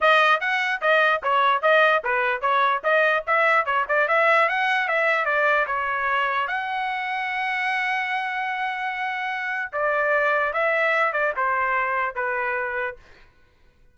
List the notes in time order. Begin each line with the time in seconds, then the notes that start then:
0.00 D#5
0.40 F#5
0.81 D#5
1.22 C#5
1.62 D#5
2.03 B4
2.41 C#5
2.83 D#5
3.26 E5
3.65 C#5
3.88 D5
4.08 E5
4.49 F#5
4.88 E5
5.25 D5
5.66 C#5
6.47 F#5
9.72 D5
10.53 E5
11.13 D5
11.36 C5
12.15 B4